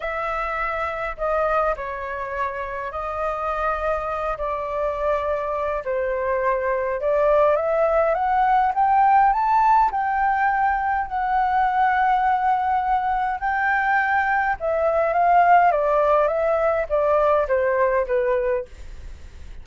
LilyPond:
\new Staff \with { instrumentName = "flute" } { \time 4/4 \tempo 4 = 103 e''2 dis''4 cis''4~ | cis''4 dis''2~ dis''8 d''8~ | d''2 c''2 | d''4 e''4 fis''4 g''4 |
a''4 g''2 fis''4~ | fis''2. g''4~ | g''4 e''4 f''4 d''4 | e''4 d''4 c''4 b'4 | }